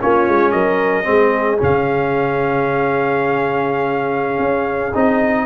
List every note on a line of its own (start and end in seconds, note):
0.00 0.29 A#3
0.00 1.04 C#4
0.00 0.53 F4
0.00 0.52 C#5
0.29 0.54 G#3
0.52 1.07 F#3
0.52 1.07 A#4
0.52 1.59 D#5
1.04 1.60 G#3
1.04 1.58 C4
1.04 5.47 G#4
1.58 4.39 C#3
1.58 4.93 C#4
1.58 4.97 F5
4.39 4.93 C#4
4.95 5.47 C4
4.95 5.47 D#4
4.95 5.47 D#5